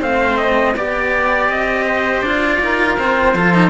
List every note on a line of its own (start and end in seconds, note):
0.00 0.76 A3
0.00 0.75 C4
0.00 0.74 C5
0.00 0.38 F5
0.38 0.75 D#5
0.76 1.49 B3
0.76 2.25 G4
0.76 1.50 D5
0.76 1.86 D5
1.49 2.22 C4
1.49 2.22 D#5
1.86 2.60 C5
2.22 2.59 D4
2.22 2.99 F4
2.22 2.96 D5
2.60 2.97 D#4
2.60 3.36 A#4
2.99 3.36 C4
2.99 3.34 F4
2.99 3.70 C5
3.34 3.70 F3
3.34 3.54 F4
3.34 3.70 A4
3.54 3.70 D#4